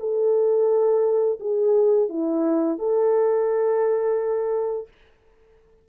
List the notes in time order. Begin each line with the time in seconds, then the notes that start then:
0.00 A4
1.40 G#4
2.09 E4
2.79 A4